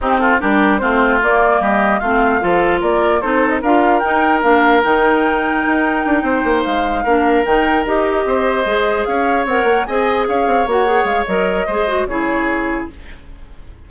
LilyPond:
<<
  \new Staff \with { instrumentName = "flute" } { \time 4/4 \tempo 4 = 149 g'8 a'8 ais'4 c''4 d''4 | dis''4 f''2 d''4 | c''8. dis''16 f''4 g''4 f''4 | g''1~ |
g''8 f''2 g''4 dis''8~ | dis''2~ dis''8 f''4 fis''8~ | fis''8 gis''4 f''4 fis''4 f''8 | dis''2 cis''2 | }
  \new Staff \with { instrumentName = "oboe" } { \time 4/4 dis'8 f'8 g'4 f'2 | g'4 f'4 a'4 ais'4 | a'4 ais'2.~ | ais'2.~ ais'8 c''8~ |
c''4. ais'2~ ais'8~ | ais'8 c''2 cis''4.~ | cis''8 dis''4 cis''2~ cis''8~ | cis''4 c''4 gis'2 | }
  \new Staff \with { instrumentName = "clarinet" } { \time 4/4 c'4 d'4 c'4 ais4~ | ais4 c'4 f'2 | dis'4 f'4 dis'4 d'4 | dis'1~ |
dis'4. d'4 dis'4 g'8~ | g'4. gis'2 ais'8~ | ais'8 gis'2 fis'8 gis'4 | ais'4 gis'8 fis'8 e'2 | }
  \new Staff \with { instrumentName = "bassoon" } { \time 4/4 c'4 g4 a4 ais4 | g4 a4 f4 ais4 | c'4 d'4 dis'4 ais4 | dis2 dis'4 d'8 c'8 |
ais8 gis4 ais4 dis4 dis'8~ | dis'8 c'4 gis4 cis'4 c'8 | ais8 c'4 cis'8 c'8 ais4 gis8 | fis4 gis4 cis2 | }
>>